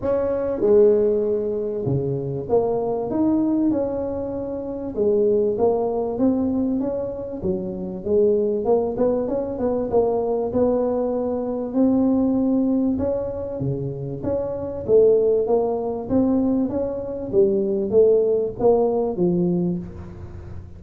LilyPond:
\new Staff \with { instrumentName = "tuba" } { \time 4/4 \tempo 4 = 97 cis'4 gis2 cis4 | ais4 dis'4 cis'2 | gis4 ais4 c'4 cis'4 | fis4 gis4 ais8 b8 cis'8 b8 |
ais4 b2 c'4~ | c'4 cis'4 cis4 cis'4 | a4 ais4 c'4 cis'4 | g4 a4 ais4 f4 | }